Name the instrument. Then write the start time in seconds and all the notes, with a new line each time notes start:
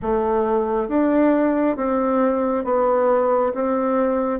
bassoon
0.02 A3
0.88 D4
1.76 C4
2.64 B3
3.54 C4